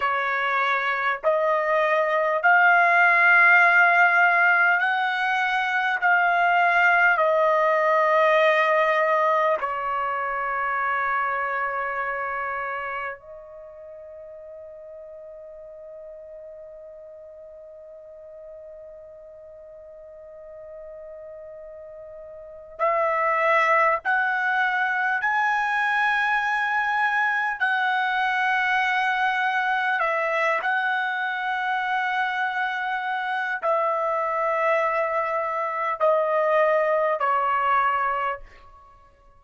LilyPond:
\new Staff \with { instrumentName = "trumpet" } { \time 4/4 \tempo 4 = 50 cis''4 dis''4 f''2 | fis''4 f''4 dis''2 | cis''2. dis''4~ | dis''1~ |
dis''2. e''4 | fis''4 gis''2 fis''4~ | fis''4 e''8 fis''2~ fis''8 | e''2 dis''4 cis''4 | }